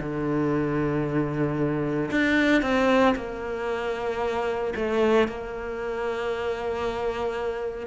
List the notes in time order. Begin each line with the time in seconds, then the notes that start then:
0.00 D3
2.11 D4
2.62 C4
3.16 A#3
4.76 A3
5.28 A#3